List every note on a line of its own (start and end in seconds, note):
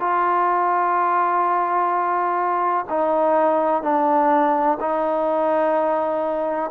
0.00 2.86 F4
2.90 3.83 D#4
3.83 4.78 D4
4.81 6.71 D#4